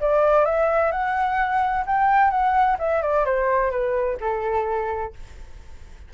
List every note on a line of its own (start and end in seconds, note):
0.00 0.45 D5
0.45 0.91 E5
0.91 1.84 F#5
1.86 2.30 G5
2.30 2.77 F#5
2.78 3.01 E5
3.02 3.25 D5
3.25 3.71 C5
3.71 4.17 B4
4.20 5.13 A4